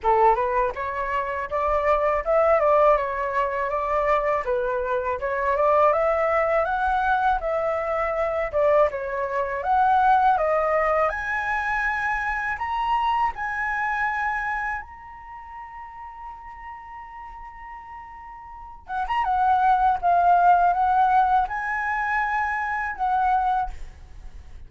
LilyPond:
\new Staff \with { instrumentName = "flute" } { \time 4/4 \tempo 4 = 81 a'8 b'8 cis''4 d''4 e''8 d''8 | cis''4 d''4 b'4 cis''8 d''8 | e''4 fis''4 e''4. d''8 | cis''4 fis''4 dis''4 gis''4~ |
gis''4 ais''4 gis''2 | ais''1~ | ais''4. fis''16 ais''16 fis''4 f''4 | fis''4 gis''2 fis''4 | }